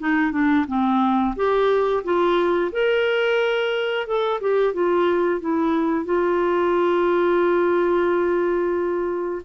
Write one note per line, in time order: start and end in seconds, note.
0.00 0.32 D#4
0.32 0.66 D4
0.68 1.35 C4
1.36 2.04 G4
2.04 2.72 F4
2.73 4.07 A#4
4.07 4.41 A4
4.41 4.74 G4
4.74 5.41 F4
5.41 6.06 E4
6.06 9.43 F4